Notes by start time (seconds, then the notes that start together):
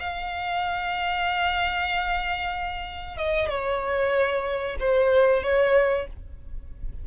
0.00 F5
3.17 D#5
3.50 C#5
4.80 C5
5.44 C#5